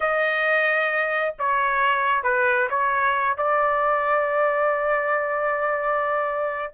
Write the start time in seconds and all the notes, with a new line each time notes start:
0.00 D#5
1.38 C#5
2.23 B4
2.69 C#5
3.37 D5